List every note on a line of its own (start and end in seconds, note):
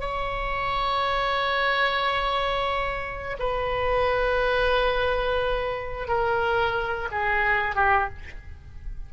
0.00 3.37 C#5
3.39 6.08 B4
6.08 7.09 A#4
7.11 7.75 G#4
7.75 8.09 G4